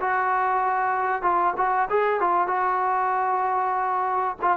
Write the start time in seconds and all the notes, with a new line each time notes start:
0.00 F#4
1.22 F4
1.57 F#4
1.90 G#4
2.20 F4
2.47 F#4
4.42 F4